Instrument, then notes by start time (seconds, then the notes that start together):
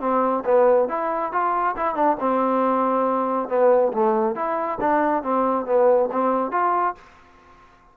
trombone
0.00 C4
0.45 B3
0.88 E4
1.32 F4
1.76 E4
1.95 D4
2.20 C4
3.49 B3
3.93 A3
4.35 E4
4.80 D4
5.23 C4
5.66 B3
6.12 C4
6.51 F4